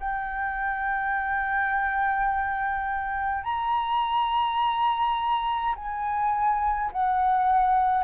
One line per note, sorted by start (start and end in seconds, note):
0.00 3.44 G5
3.44 5.75 A#5
5.76 6.91 G#5
6.92 8.04 F#5